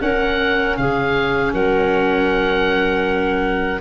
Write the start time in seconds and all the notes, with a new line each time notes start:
0.00 C#4 A#4 F#5
0.77 C#3 G#4 F5
1.54 F#3 A#4 F#5